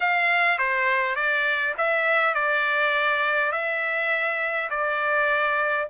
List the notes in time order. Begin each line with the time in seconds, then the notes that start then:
0.00 F5
0.58 C5
1.15 D5
1.77 E5
2.34 D5
3.51 E5
4.70 D5